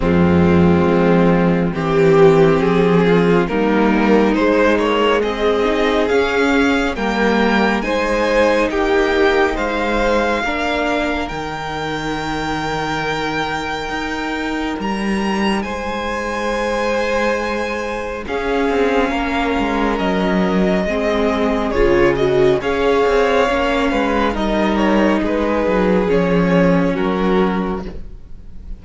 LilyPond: <<
  \new Staff \with { instrumentName = "violin" } { \time 4/4 \tempo 4 = 69 f'2 g'4 gis'4 | ais'4 c''8 cis''8 dis''4 f''4 | g''4 gis''4 g''4 f''4~ | f''4 g''2.~ |
g''4 ais''4 gis''2~ | gis''4 f''2 dis''4~ | dis''4 cis''8 dis''8 f''2 | dis''8 cis''8 b'4 cis''4 ais'4 | }
  \new Staff \with { instrumentName = "violin" } { \time 4/4 c'2 g'4. f'8 | dis'2 gis'2 | ais'4 c''4 g'4 c''4 | ais'1~ |
ais'2 c''2~ | c''4 gis'4 ais'2 | gis'2 cis''4. b'8 | ais'4 gis'2 fis'4 | }
  \new Staff \with { instrumentName = "viola" } { \time 4/4 gis2 c'2 | ais4 gis4. dis'8 cis'4 | ais4 dis'2. | d'4 dis'2.~ |
dis'1~ | dis'4 cis'2. | c'4 f'8 fis'8 gis'4 cis'4 | dis'2 cis'2 | }
  \new Staff \with { instrumentName = "cello" } { \time 4/4 f,4 f4 e4 f4 | g4 gis8 ais8 c'4 cis'4 | g4 gis4 ais4 gis4 | ais4 dis2. |
dis'4 g4 gis2~ | gis4 cis'8 c'8 ais8 gis8 fis4 | gis4 cis4 cis'8 c'8 ais8 gis8 | g4 gis8 fis8 f4 fis4 | }
>>